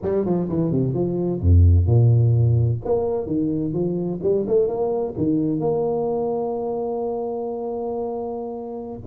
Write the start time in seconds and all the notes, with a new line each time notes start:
0.02 G3
0.25 F3
0.48 E3
0.71 C3
0.94 F3
1.41 F2
1.86 A#2
2.84 A#3
3.26 D#3
3.73 F3
4.22 G3
4.47 A3
4.67 A#3
5.17 D#3
5.60 A#3